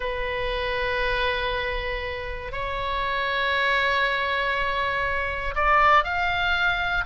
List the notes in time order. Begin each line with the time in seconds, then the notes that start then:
0.00 B4
2.52 C#5
5.55 D5
6.04 F5